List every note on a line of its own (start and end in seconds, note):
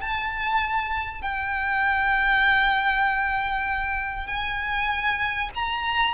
0.00 1.21 A5
1.21 4.27 G5
4.27 5.49 G#5
5.55 6.13 A#5